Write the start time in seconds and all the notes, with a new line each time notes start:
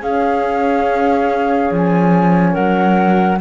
0.00 C#4 G#4 F5
1.71 F3 G#5
2.52 F#3 A#4 F#5